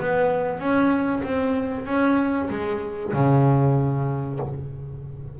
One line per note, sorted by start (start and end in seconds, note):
0.00 0.59 B3
0.59 1.22 C#4
1.23 1.85 C4
1.85 2.49 C#4
2.50 3.13 G#3
3.13 4.40 C#3